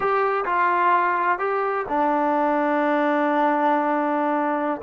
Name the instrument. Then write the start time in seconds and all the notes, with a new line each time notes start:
trombone
0.00 G4
0.45 F4
1.38 G4
1.88 D4